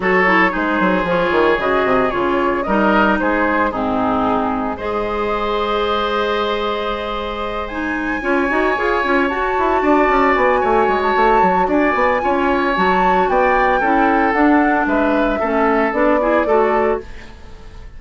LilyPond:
<<
  \new Staff \with { instrumentName = "flute" } { \time 4/4 \tempo 4 = 113 cis''4 c''4 cis''4 dis''4 | cis''4 dis''4 c''4 gis'4~ | gis'4 dis''2.~ | dis''2~ dis''8 gis''4.~ |
gis''4. a''2 gis''8~ | gis''8. a''4~ a''16 gis''2 | a''4 g''2 fis''4 | e''2 d''2 | }
  \new Staff \with { instrumentName = "oboe" } { \time 4/4 a'4 gis'2.~ | gis'4 ais'4 gis'4 dis'4~ | dis'4 c''2.~ | c''2.~ c''8 cis''8~ |
cis''2~ cis''8 d''4. | cis''2 d''4 cis''4~ | cis''4 d''4 a'2 | b'4 a'4. gis'8 a'4 | }
  \new Staff \with { instrumentName = "clarinet" } { \time 4/4 fis'8 e'8 dis'4 f'4 fis'4 | f'4 dis'2 c'4~ | c'4 gis'2.~ | gis'2~ gis'8 dis'4 f'8 |
fis'8 gis'8 f'8 fis'2~ fis'8~ | fis'2. f'4 | fis'2 e'4 d'4~ | d'4 cis'4 d'8 e'8 fis'4 | }
  \new Staff \with { instrumentName = "bassoon" } { \time 4/4 fis4 gis8 fis8 f8 dis8 cis8 c8 | cis4 g4 gis4 gis,4~ | gis,4 gis2.~ | gis2.~ gis8 cis'8 |
dis'8 f'8 cis'8 fis'8 e'8 d'8 cis'8 b8 | a8 gis8 a8 fis8 d'8 b8 cis'4 | fis4 b4 cis'4 d'4 | gis4 a4 b4 a4 | }
>>